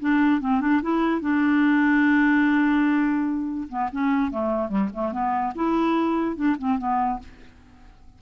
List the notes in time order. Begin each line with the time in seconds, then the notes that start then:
0.00 D4
0.41 C4
0.61 D4
0.82 E4
1.21 D4
3.69 B3
3.92 C#4
4.31 A3
4.69 G3
4.94 A3
5.12 B3
5.55 E4
6.36 D4
6.58 C4
6.78 B3